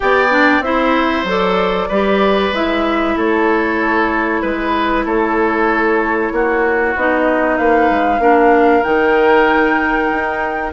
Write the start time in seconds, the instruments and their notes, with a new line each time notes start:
0.00 bassoon B3, clarinet G4, oboe D5, flute G5
0.30 clarinet D4
0.60 bassoon C4, clarinet E4, oboe C5, flute E5
1.24 bassoon F#3, clarinet A4
1.30 flute D5
1.88 bassoon G3, clarinet G4, oboe B4
2.51 bassoon G#3, clarinet E4, flute E5
3.16 bassoon A3, oboe A4, flute C#5
4.41 bassoon G#3, oboe B4, flute B4
5.05 bassoon A3, oboe A4, flute C#5
6.32 bassoon A#3, oboe F#4
6.95 bassoon B3, clarinet D#4, flute D#5
7.57 bassoon A#3, oboe B4, flute F5
7.90 bassoon G#3
8.18 bassoon A#3, clarinet D4, oboe A#4
8.83 bassoon D#3, clarinet D#4, flute G5
10.11 bassoon D#4